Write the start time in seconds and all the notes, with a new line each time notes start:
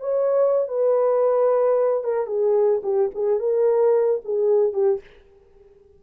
0.00 C#5
0.68 B4
2.04 A#4
2.27 G#4
2.83 G4
3.15 G#4
3.39 A#4
4.25 G#4
4.73 G4